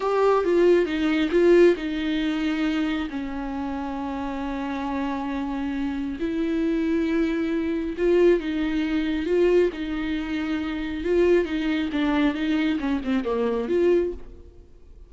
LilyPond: \new Staff \with { instrumentName = "viola" } { \time 4/4 \tempo 4 = 136 g'4 f'4 dis'4 f'4 | dis'2. cis'4~ | cis'1~ | cis'2 e'2~ |
e'2 f'4 dis'4~ | dis'4 f'4 dis'2~ | dis'4 f'4 dis'4 d'4 | dis'4 cis'8 c'8 ais4 f'4 | }